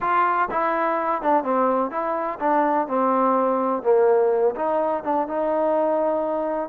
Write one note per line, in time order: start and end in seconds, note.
0.00 0.48 F4
0.51 1.22 E4
1.22 1.43 D4
1.43 1.90 C4
1.90 2.38 E4
2.39 2.87 D4
2.87 3.83 C4
3.83 4.55 A#3
4.55 5.03 D#4
5.03 5.27 D4
5.27 6.69 D#4